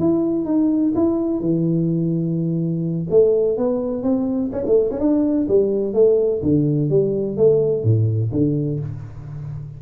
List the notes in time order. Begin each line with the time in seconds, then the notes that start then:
0.00 E4
0.46 D#4
0.95 E4
1.40 E3
3.10 A3
3.58 B3
4.03 C4
4.53 C#4
4.66 A3
4.91 C#4
5.00 D4
5.48 G3
5.94 A3
6.43 D3
6.90 G3
7.37 A3
7.84 A2
8.32 D3